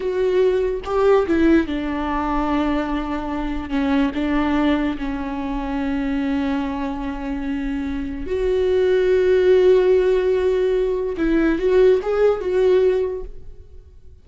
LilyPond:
\new Staff \with { instrumentName = "viola" } { \time 4/4 \tempo 4 = 145 fis'2 g'4 e'4 | d'1~ | d'4 cis'4 d'2 | cis'1~ |
cis'1 | fis'1~ | fis'2. e'4 | fis'4 gis'4 fis'2 | }